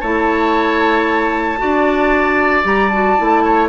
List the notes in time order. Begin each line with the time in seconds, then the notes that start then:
0.00 A3 E4 C#5 A5
1.57 D4 F#4 D5
2.63 G3 G4 A#5
2.88 F#4 A5
3.17 A3 E4
3.44 C#5